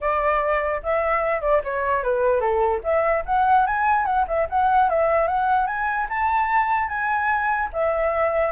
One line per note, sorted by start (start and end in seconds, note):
0.00 0.81 D5
0.82 1.41 E5
1.41 1.61 D5
1.63 2.03 C#5
2.03 2.40 B4
2.40 2.80 A4
2.83 3.24 E5
3.25 3.66 F#5
3.66 4.05 G#5
4.05 4.25 F#5
4.27 4.48 E5
4.49 4.89 F#5
4.89 5.27 E5
5.27 5.66 F#5
5.66 6.07 G#5
6.09 6.88 A5
6.88 7.69 G#5
7.72 8.52 E5